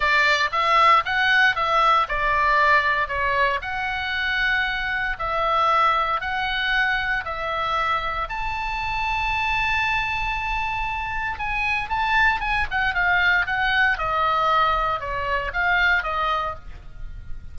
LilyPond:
\new Staff \with { instrumentName = "oboe" } { \time 4/4 \tempo 4 = 116 d''4 e''4 fis''4 e''4 | d''2 cis''4 fis''4~ | fis''2 e''2 | fis''2 e''2 |
a''1~ | a''2 gis''4 a''4 | gis''8 fis''8 f''4 fis''4 dis''4~ | dis''4 cis''4 f''4 dis''4 | }